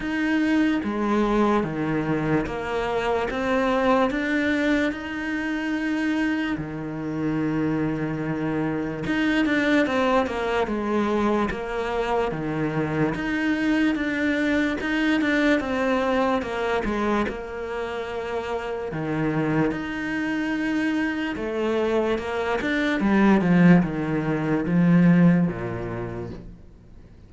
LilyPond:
\new Staff \with { instrumentName = "cello" } { \time 4/4 \tempo 4 = 73 dis'4 gis4 dis4 ais4 | c'4 d'4 dis'2 | dis2. dis'8 d'8 | c'8 ais8 gis4 ais4 dis4 |
dis'4 d'4 dis'8 d'8 c'4 | ais8 gis8 ais2 dis4 | dis'2 a4 ais8 d'8 | g8 f8 dis4 f4 ais,4 | }